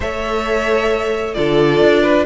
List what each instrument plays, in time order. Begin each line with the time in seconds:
0.00 cello A3, viola A4, violin C#5 E5
1.33 cello D3, viola F4, violin A4 D5
1.81 cello D4
2.02 violin B4